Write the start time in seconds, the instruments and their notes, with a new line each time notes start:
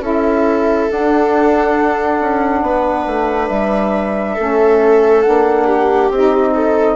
0.00 bassoon C#4, saxophone E4, viola A4, flute E5
0.90 saxophone D4, bassoon D4, flute F#5
2.20 bassoon C#4
2.62 bassoon B3, viola B4
3.06 bassoon A3
3.48 bassoon G3, flute E5
4.34 bassoon A3, saxophone C#4, viola A4
5.22 bassoon A#3, saxophone D4, flute F#5
5.64 viola G4
6.09 bassoon C4, saxophone D#4, flute D#5
6.54 viola A4